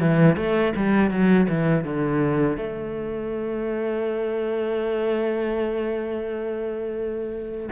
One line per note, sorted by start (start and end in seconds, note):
0.00 0.36 E3
0.36 0.73 A3
0.76 1.10 G3
1.10 1.47 F#3
1.48 1.84 E3
1.84 2.57 D3
2.57 7.69 A3